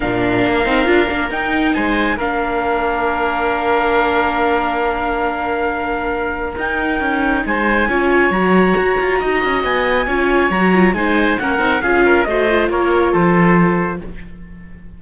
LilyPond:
<<
  \new Staff \with { instrumentName = "trumpet" } { \time 4/4 \tempo 4 = 137 f''2. g''4 | gis''4 f''2.~ | f''1~ | f''2. g''4~ |
g''4 gis''2 ais''4~ | ais''2 gis''2 | ais''4 gis''4 fis''4 f''4 | dis''4 cis''4 c''2 | }
  \new Staff \with { instrumentName = "oboe" } { \time 4/4 ais'1 | c''4 ais'2.~ | ais'1~ | ais'1~ |
ais'4 c''4 cis''2~ | cis''4 dis''2 cis''4~ | cis''4 c''4 ais'4 gis'8 ais'8 | c''4 ais'4 a'2 | }
  \new Staff \with { instrumentName = "viola" } { \time 4/4 d'4. dis'8 f'8 d'8 dis'4~ | dis'4 d'2.~ | d'1~ | d'2. dis'4~ |
dis'2 f'4 fis'4~ | fis'2. f'4 | fis'8 f'8 dis'4 cis'8 dis'8 f'4 | fis'8 f'2.~ f'8 | }
  \new Staff \with { instrumentName = "cello" } { \time 4/4 ais,4 ais8 c'8 d'8 ais8 dis'4 | gis4 ais2.~ | ais1~ | ais2. dis'4 |
cis'4 gis4 cis'4 fis4 | fis'8 f'8 dis'8 cis'8 b4 cis'4 | fis4 gis4 ais8 c'8 cis'4 | a4 ais4 f2 | }
>>